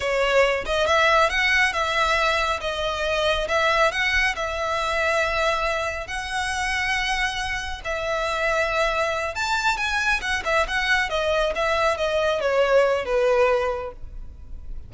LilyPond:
\new Staff \with { instrumentName = "violin" } { \time 4/4 \tempo 4 = 138 cis''4. dis''8 e''4 fis''4 | e''2 dis''2 | e''4 fis''4 e''2~ | e''2 fis''2~ |
fis''2 e''2~ | e''4. a''4 gis''4 fis''8 | e''8 fis''4 dis''4 e''4 dis''8~ | dis''8 cis''4. b'2 | }